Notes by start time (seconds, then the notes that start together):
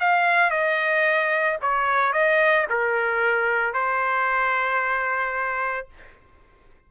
0.00 F5
0.50 D#5
1.61 C#5
2.13 D#5
2.70 A#4
3.74 C5